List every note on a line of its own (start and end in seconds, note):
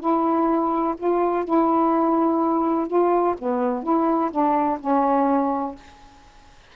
0.00 0.95 E4
0.97 1.45 F4
1.45 2.87 E4
2.87 3.35 F4
3.39 3.83 B3
3.83 4.31 E4
4.31 4.79 D4
4.81 5.76 C#4